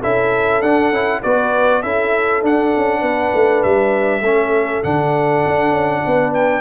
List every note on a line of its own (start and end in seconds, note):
0.00 0.62 C#4
0.00 0.63 E4
0.00 1.20 A4
0.00 0.62 E5
0.62 0.92 D4
0.62 0.93 D4
0.62 1.22 F#5
0.92 1.22 C#4
0.92 1.23 E4
1.23 1.83 B3
1.23 1.83 F#4
1.23 1.83 B4
1.23 1.82 D5
1.82 2.43 C#4
1.82 2.43 E4
1.82 3.01 A4
1.82 2.43 E5
2.43 2.73 D4
2.43 4.23 D4
2.43 3.63 F#5
2.77 3.02 C#4
3.01 3.32 B3
3.01 4.21 B4
3.35 3.65 A3
3.63 4.21 G3
3.63 4.83 E5
4.21 4.81 A3
4.21 4.83 C#4
4.21 6.03 A4
4.83 5.45 D3
4.83 6.61 D4
4.83 6.34 F#5
5.46 5.71 D4
5.71 6.01 C#4
6.05 6.61 B3
6.05 6.61 B4
6.34 6.61 G5